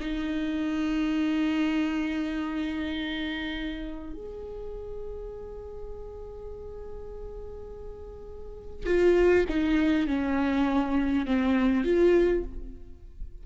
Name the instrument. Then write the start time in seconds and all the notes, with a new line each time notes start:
viola
0.00 D#4
4.13 G#4
8.86 F4
9.49 D#4
10.07 C#4
11.26 C4
11.84 F4